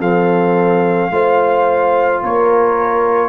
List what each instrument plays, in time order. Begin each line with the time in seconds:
0.00 tuba F3, trombone C4, horn A4, trumpet F5
1.10 tuba A3, trombone F4, horn C5
2.22 tuba A#3, horn A#4, trumpet C#5